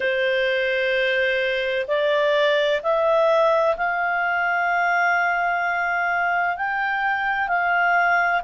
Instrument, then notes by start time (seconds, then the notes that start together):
clarinet
0.00 C5
1.87 D5
2.83 E5
3.76 F5
6.56 G5
7.47 F5